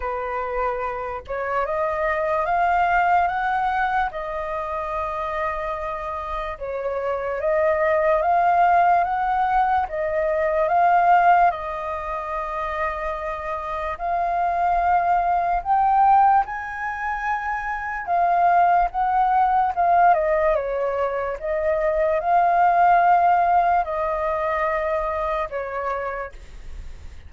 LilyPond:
\new Staff \with { instrumentName = "flute" } { \time 4/4 \tempo 4 = 73 b'4. cis''8 dis''4 f''4 | fis''4 dis''2. | cis''4 dis''4 f''4 fis''4 | dis''4 f''4 dis''2~ |
dis''4 f''2 g''4 | gis''2 f''4 fis''4 | f''8 dis''8 cis''4 dis''4 f''4~ | f''4 dis''2 cis''4 | }